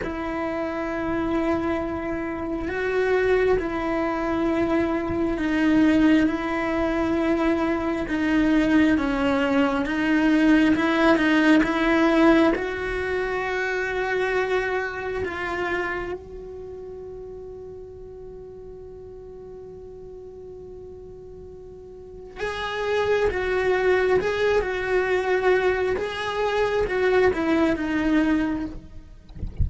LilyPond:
\new Staff \with { instrumentName = "cello" } { \time 4/4 \tempo 4 = 67 e'2. fis'4 | e'2 dis'4 e'4~ | e'4 dis'4 cis'4 dis'4 | e'8 dis'8 e'4 fis'2~ |
fis'4 f'4 fis'2~ | fis'1~ | fis'4 gis'4 fis'4 gis'8 fis'8~ | fis'4 gis'4 fis'8 e'8 dis'4 | }